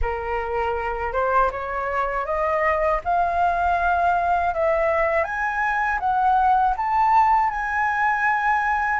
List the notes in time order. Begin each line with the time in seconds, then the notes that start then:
0.01 A#4
1.12 C5
1.51 C#5
2.25 D#5
3.04 F5
4.54 E5
5.23 G#5
5.99 F#5
6.76 A5
7.50 G#5